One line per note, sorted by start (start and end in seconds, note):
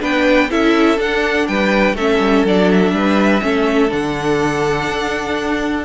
0.00 0.51 B3
0.00 0.49 D4
0.00 0.50 B4
0.00 0.51 G5
0.51 0.98 C#4
0.51 0.98 E4
0.51 1.49 A4
0.51 1.00 E5
0.98 1.95 D4
0.98 1.47 D4
0.98 1.48 F#5
1.48 1.95 G3
1.48 1.96 B4
1.48 1.97 G5
1.95 2.19 A3
1.95 2.47 C#4
1.95 2.93 A4
1.95 2.46 E5
2.19 2.44 G3
2.44 2.93 F#3
2.44 3.42 D4
2.44 2.72 D5
2.72 3.92 E5
2.93 3.41 G3
2.93 3.44 B4
3.42 3.92 A3
3.42 3.89 C#4
3.42 5.85 A4
3.89 4.89 D3
3.89 5.84 D4
3.89 5.85 F#5
4.89 5.85 D4